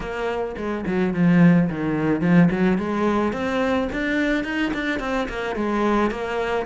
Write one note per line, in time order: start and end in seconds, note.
0.00 0.55 A#3
0.57 0.84 G#3
0.86 1.13 F#3
1.13 1.69 F3
1.69 2.21 D#3
2.21 2.49 F3
2.51 2.78 F#3
2.78 3.33 G#3
3.33 3.88 C4
3.92 4.44 D4
4.44 4.71 D#4
4.73 4.99 D4
4.99 5.27 C4
5.28 5.55 A#3
5.55 6.11 G#3
6.11 6.66 A#3